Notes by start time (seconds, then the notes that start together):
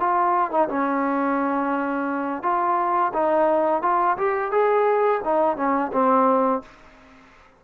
0.00 F4
0.51 D#4
0.69 C#4
2.43 F4
3.14 D#4
3.82 F4
4.18 G4
4.51 G#4
5.25 D#4
5.57 C#4
5.93 C4